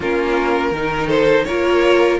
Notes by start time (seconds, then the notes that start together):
0.00 A#3 C#4 F4 A#4
0.71 D#3 D#4 A#4
1.07 A4 C5
1.44 A#3 F4 A#4 C#5